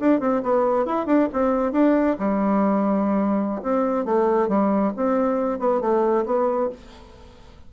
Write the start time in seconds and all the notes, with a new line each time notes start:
0.00 D4
0.20 C4
0.43 B3
0.86 E4
1.06 D4
1.33 C4
1.72 D4
2.19 G3
3.63 C4
4.05 A3
4.49 G3
4.97 C4
5.59 B3
5.81 A3
6.26 B3